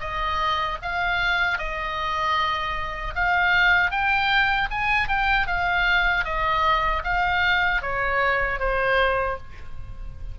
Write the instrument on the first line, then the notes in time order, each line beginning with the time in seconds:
oboe
0.00 D#5
0.82 F5
1.58 D#5
3.15 F5
3.91 G5
4.71 G#5
5.08 G5
5.47 F5
6.24 D#5
7.04 F5
7.82 C#5
8.59 C5